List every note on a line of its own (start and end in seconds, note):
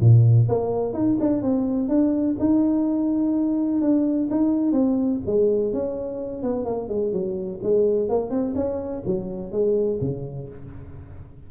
0.00 0.48 A#2
0.48 0.93 A#3
0.93 1.17 D#4
1.20 1.42 D4
1.42 1.88 C4
1.88 2.36 D4
2.39 3.81 D#4
3.81 4.29 D4
4.30 4.72 D#4
4.72 5.20 C4
5.26 5.73 G#3
5.73 6.42 C#4
6.42 6.65 B3
6.65 6.89 A#3
6.89 7.12 G#3
7.12 7.60 F#3
7.63 8.09 G#3
8.09 8.30 A#3
8.30 8.54 C4
8.55 9.03 C#4
9.05 9.52 F#3
9.52 9.99 G#3
10.01 10.48 C#3